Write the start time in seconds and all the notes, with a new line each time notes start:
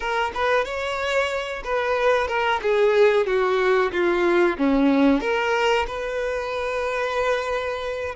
0.00 A#4
0.34 B4
0.64 C#5
1.63 B4
2.27 A#4
2.62 G#4
3.26 F#4
3.92 F4
4.58 C#4
5.21 A#4
5.87 B4